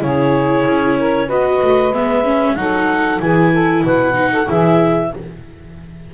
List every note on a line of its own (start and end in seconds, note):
0.00 0.65 C#3
0.00 1.28 E4
0.00 0.99 G#4
0.00 1.31 C#5
0.67 1.30 C#4
0.99 1.27 A#4
1.27 1.62 B3
1.27 1.93 F#4
1.27 2.55 B4
1.27 1.94 D#5
1.62 1.92 A3
1.92 2.56 G#3
1.92 2.25 B3
1.92 2.56 E5
2.25 2.57 C#4
2.56 3.21 F#3
2.56 3.21 D#4
2.56 3.23 A4
2.56 3.20 F#5
3.20 3.84 E3
3.20 4.14 E4
3.20 3.52 G#4
3.20 3.84 G#5
3.52 3.84 A4
3.84 4.48 B2
3.84 4.32 B4
3.84 4.50 F#5
4.14 4.46 D#4
4.32 4.47 A4
4.47 5.15 E3
4.47 5.11 E4
4.47 5.11 G#4
4.47 5.14 E5